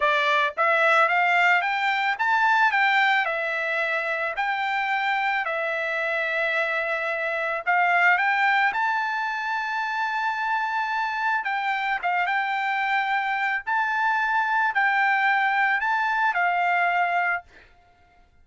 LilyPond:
\new Staff \with { instrumentName = "trumpet" } { \time 4/4 \tempo 4 = 110 d''4 e''4 f''4 g''4 | a''4 g''4 e''2 | g''2 e''2~ | e''2 f''4 g''4 |
a''1~ | a''4 g''4 f''8 g''4.~ | g''4 a''2 g''4~ | g''4 a''4 f''2 | }